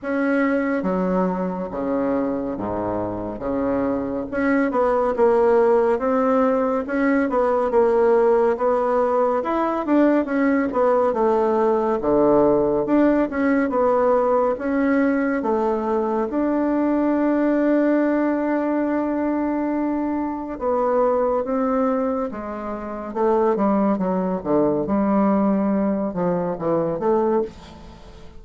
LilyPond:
\new Staff \with { instrumentName = "bassoon" } { \time 4/4 \tempo 4 = 70 cis'4 fis4 cis4 gis,4 | cis4 cis'8 b8 ais4 c'4 | cis'8 b8 ais4 b4 e'8 d'8 | cis'8 b8 a4 d4 d'8 cis'8 |
b4 cis'4 a4 d'4~ | d'1 | b4 c'4 gis4 a8 g8 | fis8 d8 g4. f8 e8 a8 | }